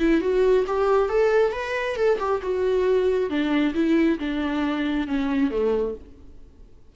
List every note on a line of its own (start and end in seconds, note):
0.00 0.21 E4
0.21 0.65 F#4
0.68 1.09 G4
1.09 1.53 A4
1.53 1.97 B4
1.97 2.19 A4
2.19 2.41 G4
2.43 3.30 F#4
3.30 3.74 D4
3.75 4.19 E4
4.20 5.08 D4
5.08 5.51 C#4
5.51 5.95 A3